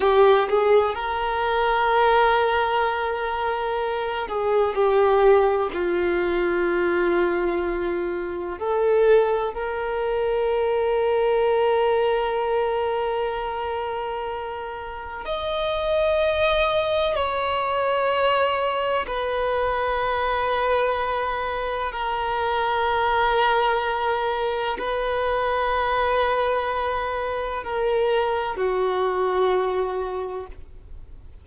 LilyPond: \new Staff \with { instrumentName = "violin" } { \time 4/4 \tempo 4 = 63 g'8 gis'8 ais'2.~ | ais'8 gis'8 g'4 f'2~ | f'4 a'4 ais'2~ | ais'1 |
dis''2 cis''2 | b'2. ais'4~ | ais'2 b'2~ | b'4 ais'4 fis'2 | }